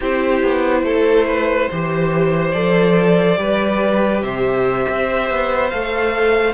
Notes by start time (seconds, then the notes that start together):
0.00 C4 E4 G4 C5
0.42 B3
0.83 A3 A4
1.27 B4
1.69 E3 G4 C5
2.52 F3 A4 D5
3.36 G3 G4 B4
4.22 C3 C5 E5
4.88 C4
5.30 B3
5.69 A3 A4 F5